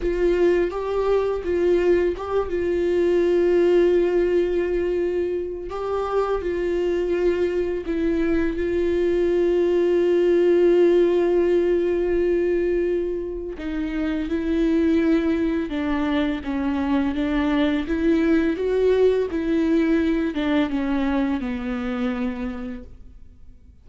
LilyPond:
\new Staff \with { instrumentName = "viola" } { \time 4/4 \tempo 4 = 84 f'4 g'4 f'4 g'8 f'8~ | f'1 | g'4 f'2 e'4 | f'1~ |
f'2. dis'4 | e'2 d'4 cis'4 | d'4 e'4 fis'4 e'4~ | e'8 d'8 cis'4 b2 | }